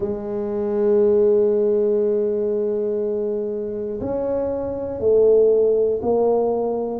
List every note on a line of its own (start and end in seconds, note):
0.00 4.00 G#3
4.00 5.00 C#4
5.00 6.00 A3
6.02 7.00 A#3